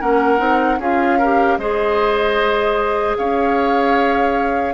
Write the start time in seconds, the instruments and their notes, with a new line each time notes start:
0.00 bassoon A#3, clarinet C#4, oboe A#4, flute F#5
0.38 bassoon C4, clarinet D#4
0.79 bassoon C#4, clarinet F4, oboe G#4, flute F5
1.18 clarinet G4, oboe A#4
1.58 bassoon G#3, clarinet G#4, oboe C5, flute D#5
3.17 bassoon C#4, oboe C#5, flute F5